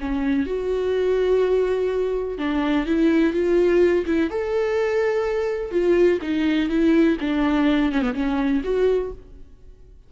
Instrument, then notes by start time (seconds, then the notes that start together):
viola
0.00 C#4
0.46 F#4
2.38 D4
2.86 E4
3.34 F4
4.06 E4
4.30 A4
5.72 F4
6.22 D#4
6.69 E4
7.21 D4
7.92 C#4
8.02 B3
8.14 C#4
8.64 F#4